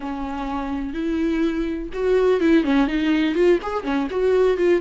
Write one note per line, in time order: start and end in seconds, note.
0.00 0.93 C#4
0.93 1.89 E4
1.93 2.40 F#4
2.40 2.64 E4
2.64 2.87 C#4
2.87 3.35 D#4
3.35 3.59 F4
3.62 3.83 G#4
3.83 4.07 C#4
4.10 4.57 F#4
4.57 4.81 F4